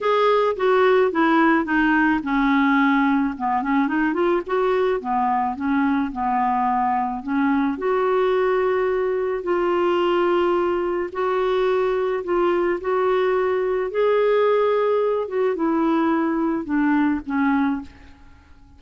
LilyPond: \new Staff \with { instrumentName = "clarinet" } { \time 4/4 \tempo 4 = 108 gis'4 fis'4 e'4 dis'4 | cis'2 b8 cis'8 dis'8 f'8 | fis'4 b4 cis'4 b4~ | b4 cis'4 fis'2~ |
fis'4 f'2. | fis'2 f'4 fis'4~ | fis'4 gis'2~ gis'8 fis'8 | e'2 d'4 cis'4 | }